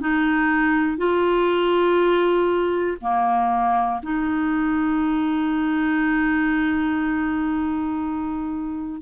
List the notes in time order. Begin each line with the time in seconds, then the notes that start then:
0.00 D#4
0.97 F4
3.01 A#3
4.03 D#4